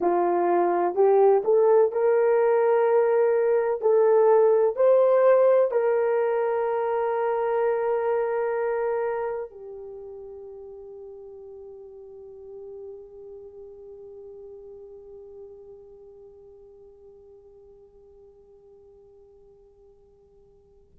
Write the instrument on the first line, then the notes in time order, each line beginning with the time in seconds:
horn
0.00 F4
0.94 G4
1.44 A4
1.92 A#4
3.81 A4
4.76 C5
5.71 A#4
9.50 G4